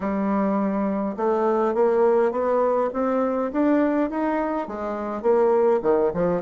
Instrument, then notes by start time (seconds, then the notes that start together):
bassoon
0.00 G3
1.17 A3
1.74 A#3
2.31 B3
2.93 C4
3.52 D4
4.10 D#4
4.67 G#3
5.22 A#3
5.82 D#3
6.14 F3